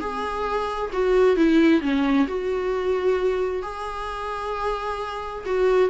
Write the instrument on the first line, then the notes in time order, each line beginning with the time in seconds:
viola
0.00 G#4
0.93 F#4
1.37 E4
1.81 C#4
2.27 F#4
3.63 G#4
5.46 F#4